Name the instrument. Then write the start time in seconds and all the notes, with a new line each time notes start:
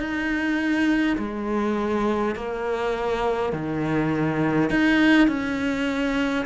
cello
0.00 D#4
1.18 G#3
2.36 A#3
3.53 D#3
4.71 D#4
5.28 C#4